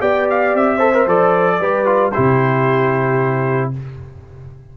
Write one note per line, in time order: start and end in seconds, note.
0.00 0.55 B3
0.00 0.79 G4
0.00 0.77 D5
0.00 0.28 G5
0.30 0.56 F5
0.55 1.07 C4
0.55 1.09 E5
0.77 0.93 A4
0.77 1.56 C5
0.94 1.07 A#4
1.07 1.60 F3
1.07 1.60 A4
1.07 2.12 D5
1.61 2.14 G3
1.61 1.86 G4
1.61 2.13 B4
1.86 2.13 F4
2.12 3.77 C3
2.12 3.73 E4
2.12 3.72 G4
2.12 3.71 C5